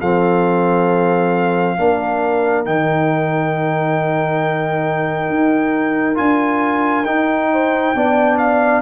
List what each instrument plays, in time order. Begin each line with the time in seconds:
0.00 tuba F3, trombone C4, horn A4, trumpet F5
1.77 tuba A#3, trombone D4, horn A#4
2.66 tuba D#3, trombone D#4, trumpet G5
5.30 tuba D#4
6.15 tuba D4, trombone F4, trumpet G#5
7.05 tuba D#4, trombone D#4, trumpet G5
7.53 horn C5
7.95 tuba B3, trombone D4, horn D5
8.38 trumpet F5